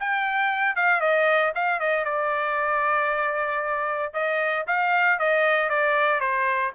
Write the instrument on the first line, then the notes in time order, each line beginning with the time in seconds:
trumpet
0.00 G5
0.76 F5
1.01 D#5
1.55 F5
1.80 D#5
2.05 D5
4.14 D#5
4.67 F5
5.19 D#5
5.69 D5
6.20 C5